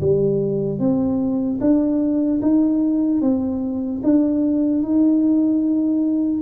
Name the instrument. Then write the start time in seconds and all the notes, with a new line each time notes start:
tuba
0.00 G3
0.79 C4
1.60 D4
2.41 D#4
3.21 C4
4.03 D4
4.82 D#4